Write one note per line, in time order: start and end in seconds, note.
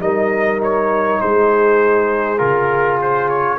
0.00 1.20 G3
0.00 2.37 D#4
0.00 1.22 A#4
0.00 0.61 D#5
0.63 1.21 C#5
1.21 2.40 G#3
1.21 3.59 G#4
1.21 2.38 C5
2.37 3.59 C#3
2.37 3.57 F4
2.37 2.98 A#4
3.01 3.28 C5
3.28 3.58 C#5